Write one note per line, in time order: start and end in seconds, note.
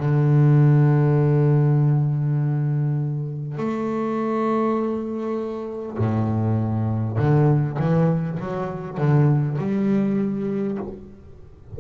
0.00 3.58 D3
3.58 5.98 A3
5.98 7.18 A2
7.19 7.79 D3
7.79 8.39 E3
8.40 8.98 F#3
8.98 9.58 D3
9.59 10.79 G3